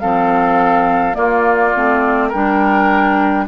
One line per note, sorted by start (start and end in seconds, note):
0.00 1.16 F3
0.00 1.13 C4
0.00 1.17 A4
0.00 1.15 F5
1.13 1.71 A#3
1.13 1.74 A#3
1.13 2.29 F4
1.13 2.30 D5
1.75 2.34 A3
1.75 2.33 C4
2.29 3.48 G3
2.29 3.48 D4
2.29 3.44 A#4
2.29 3.47 G5